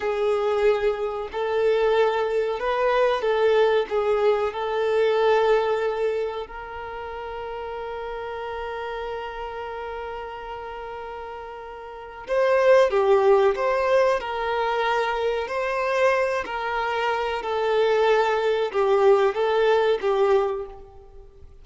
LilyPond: \new Staff \with { instrumentName = "violin" } { \time 4/4 \tempo 4 = 93 gis'2 a'2 | b'4 a'4 gis'4 a'4~ | a'2 ais'2~ | ais'1~ |
ais'2. c''4 | g'4 c''4 ais'2 | c''4. ais'4. a'4~ | a'4 g'4 a'4 g'4 | }